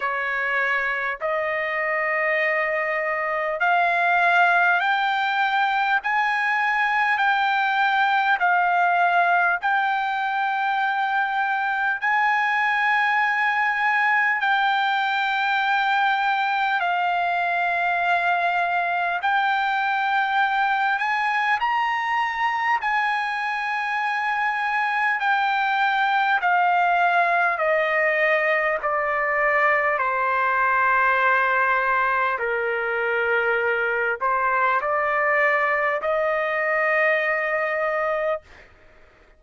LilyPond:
\new Staff \with { instrumentName = "trumpet" } { \time 4/4 \tempo 4 = 50 cis''4 dis''2 f''4 | g''4 gis''4 g''4 f''4 | g''2 gis''2 | g''2 f''2 |
g''4. gis''8 ais''4 gis''4~ | gis''4 g''4 f''4 dis''4 | d''4 c''2 ais'4~ | ais'8 c''8 d''4 dis''2 | }